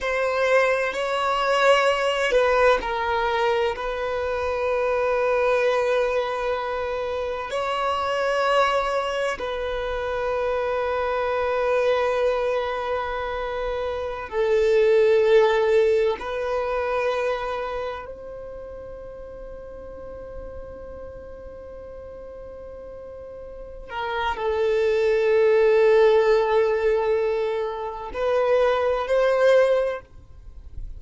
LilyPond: \new Staff \with { instrumentName = "violin" } { \time 4/4 \tempo 4 = 64 c''4 cis''4. b'8 ais'4 | b'1 | cis''2 b'2~ | b'2.~ b'16 a'8.~ |
a'4~ a'16 b'2 c''8.~ | c''1~ | c''4. ais'8 a'2~ | a'2 b'4 c''4 | }